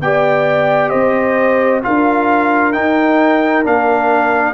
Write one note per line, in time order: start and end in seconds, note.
0.00 0.91 B3
0.00 1.82 G4
0.00 0.90 D5
0.00 0.89 G5
0.89 1.84 C4
0.89 1.81 C5
0.89 1.80 D#5
1.82 2.76 D4
1.82 2.73 F4
1.82 4.53 A#4
1.82 2.72 F5
2.72 3.64 D#4
2.72 3.66 D#4
2.72 3.63 G5
3.64 4.53 A#3
3.64 4.53 D4
3.64 4.53 F5